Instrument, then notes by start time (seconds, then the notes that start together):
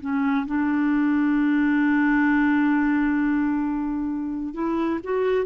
clarinet
0.00 C#4
0.46 D4
4.54 E4
5.03 F#4